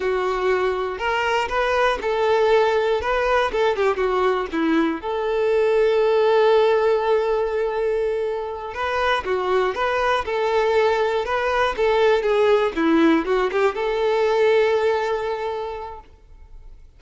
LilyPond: \new Staff \with { instrumentName = "violin" } { \time 4/4 \tempo 4 = 120 fis'2 ais'4 b'4 | a'2 b'4 a'8 g'8 | fis'4 e'4 a'2~ | a'1~ |
a'4. b'4 fis'4 b'8~ | b'8 a'2 b'4 a'8~ | a'8 gis'4 e'4 fis'8 g'8 a'8~ | a'1 | }